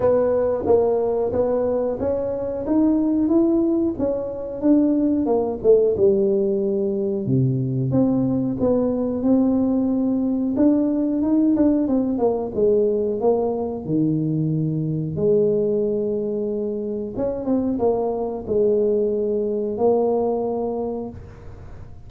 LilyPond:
\new Staff \with { instrumentName = "tuba" } { \time 4/4 \tempo 4 = 91 b4 ais4 b4 cis'4 | dis'4 e'4 cis'4 d'4 | ais8 a8 g2 c4 | c'4 b4 c'2 |
d'4 dis'8 d'8 c'8 ais8 gis4 | ais4 dis2 gis4~ | gis2 cis'8 c'8 ais4 | gis2 ais2 | }